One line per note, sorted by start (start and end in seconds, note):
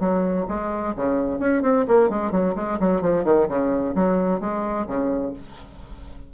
0.00 0.46 F#3
0.48 0.94 G#3
0.96 1.39 C#3
1.39 1.62 C#4
1.62 1.85 C4
1.88 2.09 A#3
2.09 2.31 G#3
2.31 2.54 F#3
2.56 2.79 G#3
2.80 3.01 F#3
3.01 3.24 F3
3.24 3.47 D#3
3.48 3.95 C#3
3.95 4.40 F#3
4.40 4.87 G#3
4.87 5.33 C#3